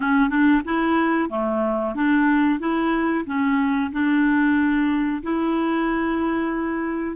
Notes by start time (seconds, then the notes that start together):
0.00 C#4
0.29 D4
0.65 E4
1.29 A3
1.94 D4
2.59 E4
3.25 C#4
3.92 D4
5.22 E4